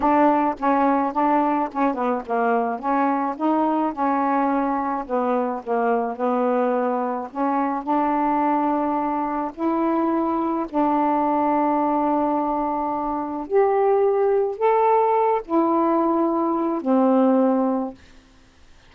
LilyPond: \new Staff \with { instrumentName = "saxophone" } { \time 4/4 \tempo 4 = 107 d'4 cis'4 d'4 cis'8 b8 | ais4 cis'4 dis'4 cis'4~ | cis'4 b4 ais4 b4~ | b4 cis'4 d'2~ |
d'4 e'2 d'4~ | d'1 | g'2 a'4. e'8~ | e'2 c'2 | }